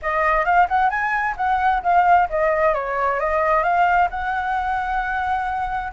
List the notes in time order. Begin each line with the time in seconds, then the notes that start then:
0.02 D#5
0.45 F5
0.68 F#5
0.89 G#5
1.37 F#5
1.83 F5
2.29 D#5
2.74 C#5
3.19 D#5
3.63 F5
4.10 F#5